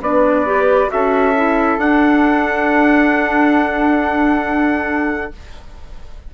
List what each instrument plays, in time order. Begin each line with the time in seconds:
0.00 bassoon B3, clarinet D4, flute B4, trumpet D5
0.46 clarinet G4
0.88 bassoon C#4, clarinet F#4, flute A4, trumpet E5
1.35 clarinet E4
1.78 bassoon D4, clarinet D4, trumpet F#5